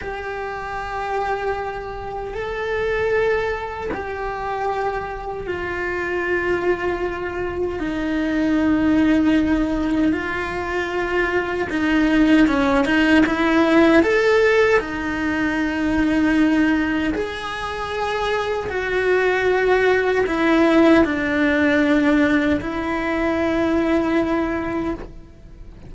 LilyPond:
\new Staff \with { instrumentName = "cello" } { \time 4/4 \tempo 4 = 77 g'2. a'4~ | a'4 g'2 f'4~ | f'2 dis'2~ | dis'4 f'2 dis'4 |
cis'8 dis'8 e'4 a'4 dis'4~ | dis'2 gis'2 | fis'2 e'4 d'4~ | d'4 e'2. | }